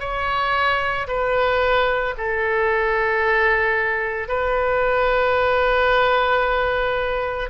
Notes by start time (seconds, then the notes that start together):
0.00 C#5
1.08 B4
2.18 A4
4.29 B4